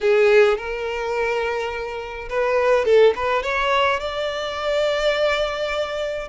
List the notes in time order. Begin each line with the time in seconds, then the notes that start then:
0.01 G#4
0.57 A#4
2.29 B4
2.85 A4
3.15 B4
3.42 C#5
3.99 D5